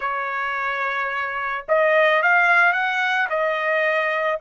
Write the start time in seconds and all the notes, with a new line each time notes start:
0.00 C#5
1.68 D#5
2.22 F5
2.72 F#5
3.29 D#5